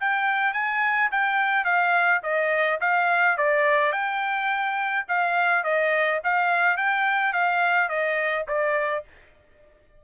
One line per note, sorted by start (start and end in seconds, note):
0.00 0.54 G5
0.54 1.10 G#5
1.11 1.65 G5
1.65 2.21 F5
2.23 2.80 D#5
2.81 3.37 F5
3.37 3.92 D5
3.92 5.06 G5
5.08 5.64 F5
5.64 6.21 D#5
6.24 6.77 F5
6.77 7.33 G5
7.33 7.89 F5
7.89 8.46 D#5
8.48 9.04 D5